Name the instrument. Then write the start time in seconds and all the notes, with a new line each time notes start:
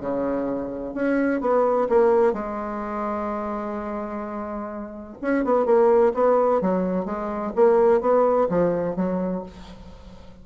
bassoon
0.00 C#3
0.94 C#4
1.40 B3
1.89 A#3
2.33 G#3
5.21 C#4
5.44 B3
5.65 A#3
6.14 B3
6.61 F#3
7.05 G#3
7.55 A#3
8.01 B3
8.49 F3
8.96 F#3